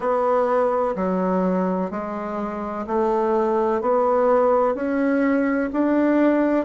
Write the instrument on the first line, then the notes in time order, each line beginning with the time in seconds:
bassoon
0.00 B3
0.95 F#3
1.90 G#3
2.87 A3
3.81 B3
4.74 C#4
5.72 D4